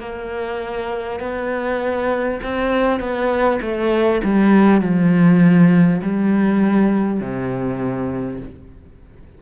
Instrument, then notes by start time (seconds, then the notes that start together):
cello
0.00 A#3
1.20 B3
2.43 C4
3.00 B3
3.62 A3
4.24 G3
4.81 F3
6.03 G3
7.21 C3